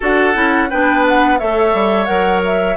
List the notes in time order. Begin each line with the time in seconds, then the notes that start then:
0.00 D4 F#4 A4 F#5
0.34 C#4 E4
0.69 B3 D4 B4 G5
1.08 F#5
1.38 A3 A4 C#5 E5
1.73 G3
2.05 F#3 A#4 F#5
2.45 E5